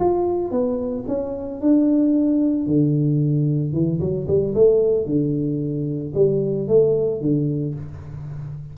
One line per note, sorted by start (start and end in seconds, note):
0.00 0.51 F4
0.51 1.05 B3
1.08 1.61 C#4
1.61 2.67 D4
2.67 3.73 D3
3.73 4.00 E3
4.00 4.27 F#3
4.28 4.54 G3
4.55 5.06 A3
5.06 6.13 D3
6.15 6.68 G3
6.68 7.21 A3
7.21 7.75 D3